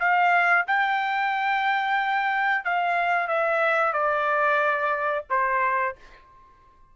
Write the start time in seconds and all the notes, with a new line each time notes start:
0.00 F5
0.67 G5
2.65 F5
3.28 E5
3.93 D5
5.30 C5